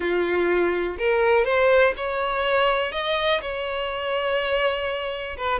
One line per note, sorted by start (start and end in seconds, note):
0.00 0.97 F4
0.98 1.44 A#4
1.44 1.93 C5
1.96 2.92 C#5
2.92 3.40 D#5
3.41 5.36 C#5
5.37 5.59 B4